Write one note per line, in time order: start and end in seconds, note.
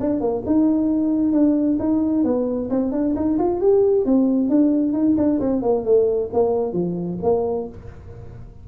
0.00 0.20 D4
0.20 0.43 A#3
0.46 1.32 D#4
1.32 1.77 D4
1.79 2.24 D#4
2.24 2.69 B3
2.70 2.92 C4
2.92 3.14 D4
3.16 3.38 D#4
3.38 3.60 F4
3.60 4.05 G4
4.05 4.49 C4
4.49 4.93 D4
4.93 5.15 D#4
5.17 5.40 D4
5.40 5.62 C4
5.62 5.84 A#3
5.85 6.30 A3
6.33 6.73 A#3
6.73 7.18 F3
7.23 7.68 A#3